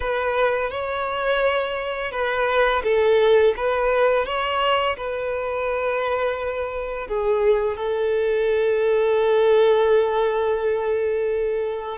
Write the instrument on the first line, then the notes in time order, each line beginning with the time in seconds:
violin
0.00 B4
0.70 C#5
2.11 B4
2.83 A4
3.56 B4
4.25 C#5
4.96 B4
7.07 G#4
7.76 A4